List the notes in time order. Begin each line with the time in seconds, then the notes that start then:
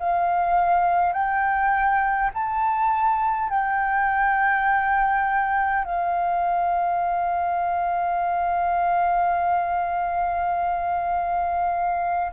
0.00 F5
1.13 G5
2.34 A5
3.50 G5
5.85 F5